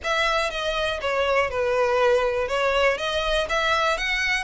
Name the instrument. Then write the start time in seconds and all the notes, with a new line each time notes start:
violin
0.03 E5
0.50 D#5
1.01 C#5
1.50 B4
2.48 C#5
2.97 D#5
3.49 E5
3.97 F#5